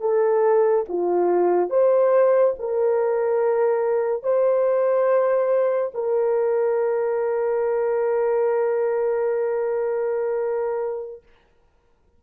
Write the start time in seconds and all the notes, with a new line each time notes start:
0.00 A4
0.88 F4
1.69 C5
2.59 A#4
4.23 C5
5.94 A#4